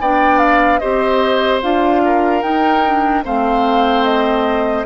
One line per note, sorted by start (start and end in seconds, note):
0.00 0.81 B3
0.00 0.82 D4
0.00 0.80 D5
0.00 0.39 G5
0.39 0.79 F5
0.79 1.63 C4
0.79 1.62 G4
0.79 2.02 C5
0.79 1.60 D#5
1.62 2.43 D4
1.62 2.42 F4
1.62 2.43 F5
2.06 3.25 A#4
2.42 2.83 D#4
2.42 3.24 D#4
2.42 3.24 G5
2.85 3.24 D4
3.24 4.86 A3
3.24 4.86 C4
3.24 4.86 C5
3.24 4.05 F5
4.05 4.86 D#5